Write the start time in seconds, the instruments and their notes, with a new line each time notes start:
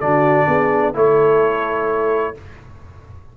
0.00 tuba D3, trombone D4, horn F#4, trumpet D5
0.47 tuba B3, horn G#4
0.94 tuba A3, trombone E4, horn A4, trumpet C#5